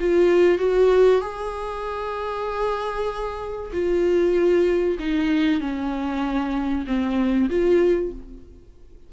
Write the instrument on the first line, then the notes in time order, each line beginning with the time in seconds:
viola
0.00 F4
0.59 F#4
1.21 G#4
3.72 F4
4.99 D#4
5.60 C#4
6.87 C4
7.49 F4